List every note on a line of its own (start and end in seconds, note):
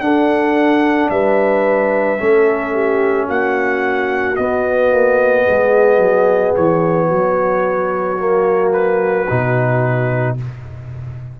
0.00 1.09 D4
0.00 2.18 D4
0.00 1.11 A4
0.00 1.09 F#5
1.10 2.19 G3
1.10 2.20 B4
1.10 3.28 E5
2.18 3.28 A3
2.18 4.36 C#4
2.18 2.74 A4
2.74 3.27 G4
3.27 4.37 A#3
3.27 5.45 F#4
3.27 4.36 F#5
4.36 8.18 B3
4.36 4.92 B3
4.36 6.54 D#5
4.92 5.46 A#3
5.45 5.98 G#3
5.45 7.07 G#4
5.98 6.52 F#3
6.56 7.12 E3
6.56 8.72 C#5
7.07 9.30 F#3
7.07 10.34 F#4
8.18 9.27 A#3
8.72 10.36 B4
9.28 10.40 B2
9.28 10.37 D#4